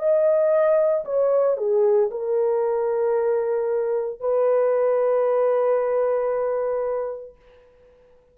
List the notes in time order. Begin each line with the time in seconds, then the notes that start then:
0.00 D#5
1.05 C#5
1.58 G#4
2.11 A#4
4.21 B4